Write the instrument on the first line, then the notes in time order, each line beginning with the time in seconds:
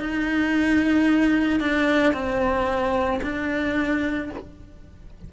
cello
0.00 D#4
1.60 D4
2.13 C4
3.22 D4